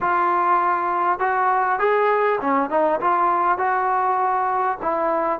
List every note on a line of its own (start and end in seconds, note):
0.01 1.19 F4
1.19 1.79 F#4
1.79 2.39 G#4
2.40 2.69 C#4
2.69 2.99 D#4
3.00 3.58 F4
3.58 4.78 F#4
4.82 5.39 E4